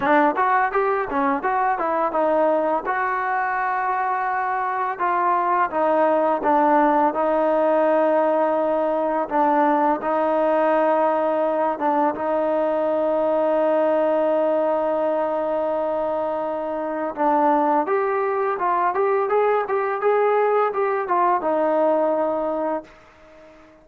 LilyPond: \new Staff \with { instrumentName = "trombone" } { \time 4/4 \tempo 4 = 84 d'8 fis'8 g'8 cis'8 fis'8 e'8 dis'4 | fis'2. f'4 | dis'4 d'4 dis'2~ | dis'4 d'4 dis'2~ |
dis'8 d'8 dis'2.~ | dis'1 | d'4 g'4 f'8 g'8 gis'8 g'8 | gis'4 g'8 f'8 dis'2 | }